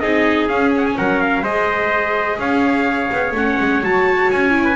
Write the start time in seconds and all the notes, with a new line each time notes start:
0.00 C4 D#4 G#4 D#5
0.48 C#4 F5
0.77 F#5
0.87 G#5
0.98 F#3 A#4 F#5
1.21 F5
1.43 G#3 G#4 C5 D#5
2.39 C#4 C#5 F5
3.12 B3
3.31 A3 C#4 F#5
3.60 G#3
3.83 F#3 F#4 A5
4.31 C#4 G#5
4.51 E4
4.64 B4